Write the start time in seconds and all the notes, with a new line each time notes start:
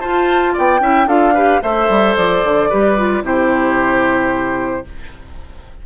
0.00 F4 C5 A5
0.53 B3 D5 G5
0.80 C#4 E4 E5
1.07 D4 F4 A4 F5
1.34 G4 B4
1.62 A3 A4 C5 E5
1.89 G3
2.16 F3 D5
2.44 D3
2.69 G3 G4 B4
2.97 F4
3.22 C3 E4 G4 C5